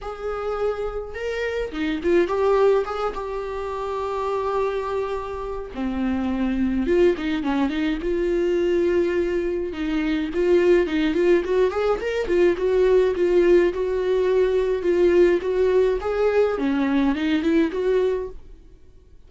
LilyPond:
\new Staff \with { instrumentName = "viola" } { \time 4/4 \tempo 4 = 105 gis'2 ais'4 dis'8 f'8 | g'4 gis'8 g'2~ g'8~ | g'2 c'2 | f'8 dis'8 cis'8 dis'8 f'2~ |
f'4 dis'4 f'4 dis'8 f'8 | fis'8 gis'8 ais'8 f'8 fis'4 f'4 | fis'2 f'4 fis'4 | gis'4 cis'4 dis'8 e'8 fis'4 | }